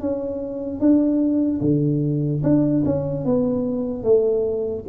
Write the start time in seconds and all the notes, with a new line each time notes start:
0.00 C#4
0.80 D4
1.61 D3
2.43 D4
2.85 C#4
3.25 B3
4.03 A3